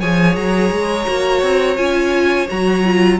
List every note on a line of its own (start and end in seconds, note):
0.00 0.36 F3
0.00 1.07 G#4
0.00 3.18 C#5
0.00 0.36 G#5
0.36 0.71 F#3
0.36 1.77 A#5
0.72 1.07 G#3
1.07 1.42 A#3
1.07 1.76 F#4
1.42 1.77 C4
1.76 2.48 C#4
1.76 2.47 F4
1.76 2.47 G#5
2.49 3.20 F#3
2.49 2.84 F#4
2.49 3.20 A#5
2.85 3.20 F4